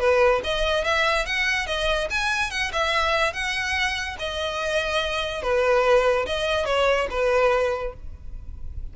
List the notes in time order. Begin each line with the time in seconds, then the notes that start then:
0.00 B4
0.44 D#5
0.85 E5
1.26 F#5
1.67 D#5
2.11 G#5
2.51 F#5
2.73 E5
3.34 F#5
4.19 D#5
5.43 B4
6.27 D#5
6.66 C#5
7.11 B4